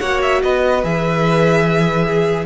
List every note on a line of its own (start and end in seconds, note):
0.00 0.43 A#3
0.00 0.83 F#4
0.00 0.42 C#5
0.00 0.21 F#5
0.22 0.42 E5
0.43 0.84 B3
0.43 2.06 B4
0.43 0.84 D#5
0.83 2.46 E3
0.83 2.46 G#4
0.83 2.46 E5
2.06 2.46 G#4